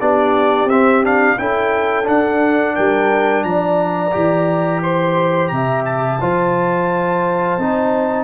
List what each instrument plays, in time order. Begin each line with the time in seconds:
0.00 tuba B3, trombone D4, horn G4, trumpet D5
0.65 tuba C4, trumpet E5
0.71 trombone C4
1.03 trombone D4, trumpet F5
1.38 tuba C#4, trombone E4, horn A4, trumpet G5
2.04 trombone D4, tuba D4, trumpet F#5
2.75 tuba G3, horn A#4, trumpet G5
3.44 tuba F3, horn D5, trumpet A#5
4.12 tuba E3, trombone G4
4.83 horn C5, trumpet C6
5.48 tuba C3, horn E5, trumpet A#5
5.85 trumpet A5
6.21 tuba F3, trombone F4, horn C5
7.58 tuba C4, trombone D#4